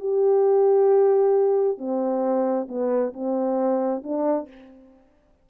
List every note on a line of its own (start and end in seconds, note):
0.00 1.78 G4
1.78 2.68 C4
2.69 3.13 B3
3.14 4.03 C4
4.04 4.49 D4